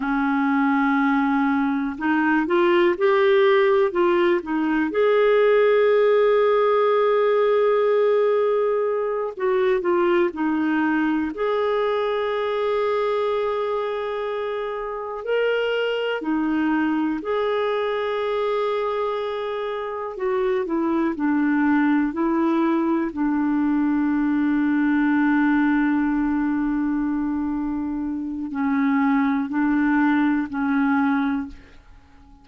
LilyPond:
\new Staff \with { instrumentName = "clarinet" } { \time 4/4 \tempo 4 = 61 cis'2 dis'8 f'8 g'4 | f'8 dis'8 gis'2.~ | gis'4. fis'8 f'8 dis'4 gis'8~ | gis'2.~ gis'8 ais'8~ |
ais'8 dis'4 gis'2~ gis'8~ | gis'8 fis'8 e'8 d'4 e'4 d'8~ | d'1~ | d'4 cis'4 d'4 cis'4 | }